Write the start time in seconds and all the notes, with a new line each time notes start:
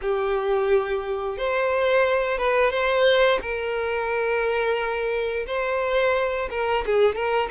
0.01 G4
1.37 C5
2.37 B4
2.71 C5
3.41 A#4
5.47 C5
6.50 A#4
6.86 G#4
7.15 A#4